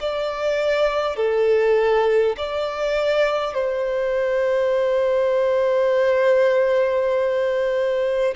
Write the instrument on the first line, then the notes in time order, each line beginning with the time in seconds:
violin
0.00 D5
1.16 A4
2.37 D5
3.54 C5